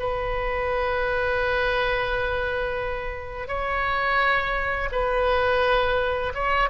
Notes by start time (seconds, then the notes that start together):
0.00 B4
3.48 C#5
4.93 B4
6.35 C#5